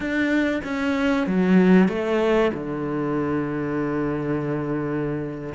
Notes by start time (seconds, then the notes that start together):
0.00 D4
0.64 C#4
1.27 F#3
1.88 A3
2.53 D3